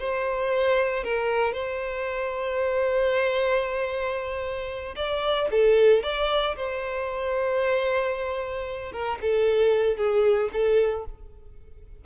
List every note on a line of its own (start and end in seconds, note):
0.00 1.04 C5
1.04 1.54 A#4
1.54 4.96 C5
4.96 5.49 D5
5.51 6.04 A4
6.04 6.56 D5
6.57 8.93 C5
8.93 9.19 A#4
9.22 9.98 A4
9.98 10.50 G#4
10.53 11.06 A4